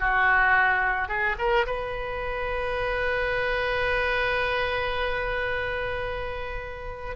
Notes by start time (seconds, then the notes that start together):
0.00 F#4
1.09 G#4
1.39 A#4
1.67 B4